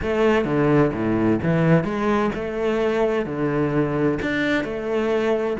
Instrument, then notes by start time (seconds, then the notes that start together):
cello
0.01 A3
0.44 D3
0.93 A2
1.42 E3
1.84 G#3
2.34 A3
3.25 D3
4.21 D4
4.64 A3